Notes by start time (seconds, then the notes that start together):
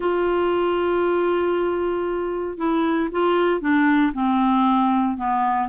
0.00 F4
2.57 E4
3.11 F4
3.60 D4
4.13 C4
5.17 B3